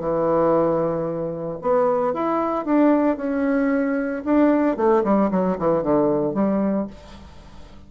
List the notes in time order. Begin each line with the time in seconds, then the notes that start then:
0.00 E3
1.62 B3
2.14 E4
2.66 D4
3.17 C#4
4.25 D4
4.77 A3
5.04 G3
5.31 F#3
5.59 E3
5.83 D3
6.35 G3